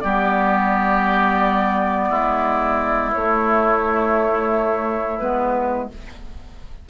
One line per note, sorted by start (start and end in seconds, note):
0.00 2.10 G3
0.00 3.14 B3
0.00 2.08 G4
0.00 3.10 D5
2.08 3.14 G#3
2.08 5.88 E4
3.12 5.20 A3
3.12 5.19 C#5
5.19 5.89 G#3
5.19 5.89 B3
5.19 5.87 B4